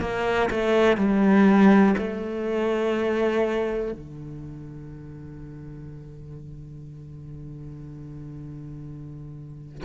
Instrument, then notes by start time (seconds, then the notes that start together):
cello
0.00 A#3
0.50 A3
0.97 G3
1.98 A3
3.92 D3